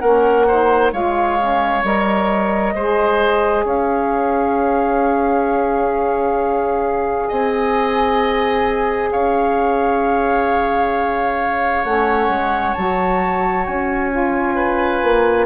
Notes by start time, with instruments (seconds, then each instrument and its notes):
0.00 bassoon A#3, saxophone C#4, oboe A#4, flute F#5
0.48 saxophone D#4, oboe C5
0.93 bassoon G#3, saxophone F4, oboe C#5, flute F5
1.40 saxophone C#4
1.84 bassoon G3, saxophone A#4, flute D#5
2.75 bassoon G#3, saxophone G#4, oboe C5
3.65 bassoon C#4, oboe C#5, flute F5
7.28 bassoon C4, oboe D#5, flute G#5
9.12 bassoon C#4, oboe C#5, flute F5
11.84 bassoon A3, saxophone C#4, flute F#5
12.29 bassoon G#3
12.74 bassoon F#3, saxophone F#4, flute A5
13.66 bassoon C#4, flute G#5
14.11 saxophone F4
14.56 oboe B4
15.03 bassoon A#3